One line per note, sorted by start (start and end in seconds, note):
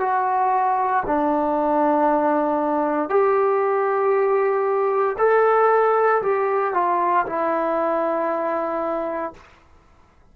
0.00 1.03 F#4
1.06 3.09 D4
3.09 5.16 G4
5.19 6.22 A4
6.22 6.74 G4
6.74 7.26 F4
7.26 9.33 E4